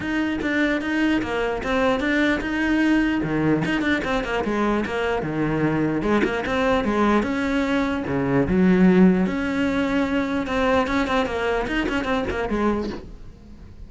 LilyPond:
\new Staff \with { instrumentName = "cello" } { \time 4/4 \tempo 4 = 149 dis'4 d'4 dis'4 ais4 | c'4 d'4 dis'2 | dis4 dis'8 d'8 c'8 ais8 gis4 | ais4 dis2 gis8 ais8 |
c'4 gis4 cis'2 | cis4 fis2 cis'4~ | cis'2 c'4 cis'8 c'8 | ais4 dis'8 cis'8 c'8 ais8 gis4 | }